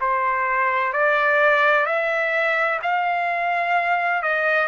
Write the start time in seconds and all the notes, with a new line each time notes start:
0.00 C5
0.92 D5
1.86 E5
2.82 F5
4.22 D#5